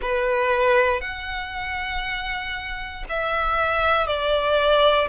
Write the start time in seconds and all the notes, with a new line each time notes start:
0.01 B4
1.00 F#5
3.09 E5
4.06 D5